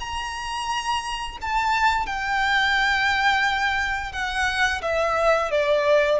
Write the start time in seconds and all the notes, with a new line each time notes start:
0.00 A#5
1.41 A5
2.07 G5
4.13 F#5
4.82 E5
5.51 D5